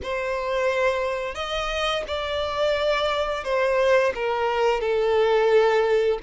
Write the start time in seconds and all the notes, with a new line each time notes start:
0.03 C5
1.34 D#5
2.07 D5
3.44 C5
4.14 A#4
4.81 A4